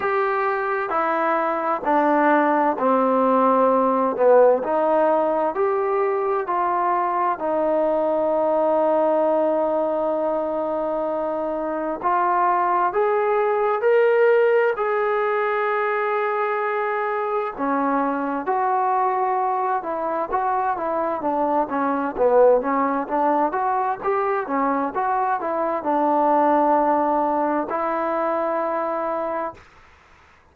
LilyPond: \new Staff \with { instrumentName = "trombone" } { \time 4/4 \tempo 4 = 65 g'4 e'4 d'4 c'4~ | c'8 b8 dis'4 g'4 f'4 | dis'1~ | dis'4 f'4 gis'4 ais'4 |
gis'2. cis'4 | fis'4. e'8 fis'8 e'8 d'8 cis'8 | b8 cis'8 d'8 fis'8 g'8 cis'8 fis'8 e'8 | d'2 e'2 | }